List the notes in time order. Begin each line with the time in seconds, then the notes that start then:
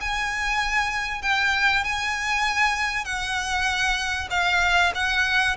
0.00 G#5
1.22 G5
1.84 G#5
3.04 F#5
4.30 F5
4.94 F#5